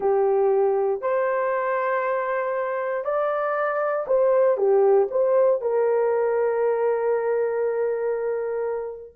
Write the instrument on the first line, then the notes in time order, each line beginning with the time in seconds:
horn
0.00 G4
1.01 C5
3.04 D5
4.07 C5
4.57 G4
5.11 C5
5.61 A#4